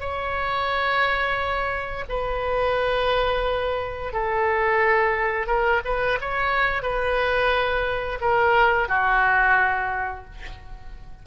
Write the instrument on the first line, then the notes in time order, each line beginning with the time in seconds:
oboe
0.00 C#5
2.09 B4
4.12 A4
5.47 A#4
5.85 B4
6.21 C#5
6.82 B4
8.21 A#4
8.89 F#4